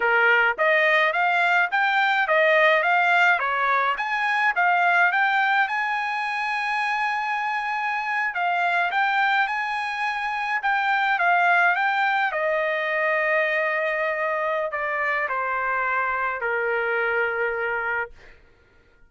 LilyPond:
\new Staff \with { instrumentName = "trumpet" } { \time 4/4 \tempo 4 = 106 ais'4 dis''4 f''4 g''4 | dis''4 f''4 cis''4 gis''4 | f''4 g''4 gis''2~ | gis''2~ gis''8. f''4 g''16~ |
g''8. gis''2 g''4 f''16~ | f''8. g''4 dis''2~ dis''16~ | dis''2 d''4 c''4~ | c''4 ais'2. | }